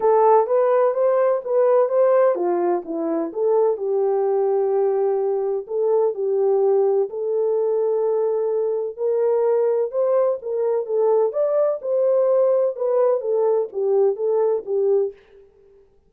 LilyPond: \new Staff \with { instrumentName = "horn" } { \time 4/4 \tempo 4 = 127 a'4 b'4 c''4 b'4 | c''4 f'4 e'4 a'4 | g'1 | a'4 g'2 a'4~ |
a'2. ais'4~ | ais'4 c''4 ais'4 a'4 | d''4 c''2 b'4 | a'4 g'4 a'4 g'4 | }